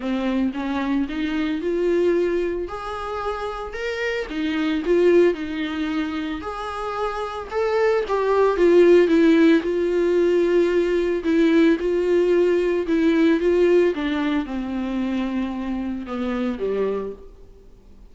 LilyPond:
\new Staff \with { instrumentName = "viola" } { \time 4/4 \tempo 4 = 112 c'4 cis'4 dis'4 f'4~ | f'4 gis'2 ais'4 | dis'4 f'4 dis'2 | gis'2 a'4 g'4 |
f'4 e'4 f'2~ | f'4 e'4 f'2 | e'4 f'4 d'4 c'4~ | c'2 b4 g4 | }